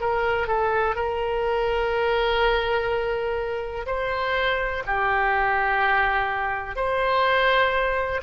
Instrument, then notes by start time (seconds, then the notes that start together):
oboe
0.00 A#4
0.47 A4
0.95 A#4
3.86 C5
4.86 G4
6.76 C5